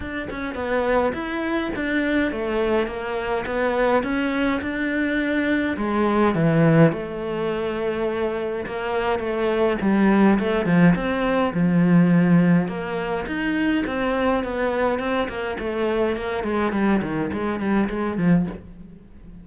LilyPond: \new Staff \with { instrumentName = "cello" } { \time 4/4 \tempo 4 = 104 d'8 cis'8 b4 e'4 d'4 | a4 ais4 b4 cis'4 | d'2 gis4 e4 | a2. ais4 |
a4 g4 a8 f8 c'4 | f2 ais4 dis'4 | c'4 b4 c'8 ais8 a4 | ais8 gis8 g8 dis8 gis8 g8 gis8 f8 | }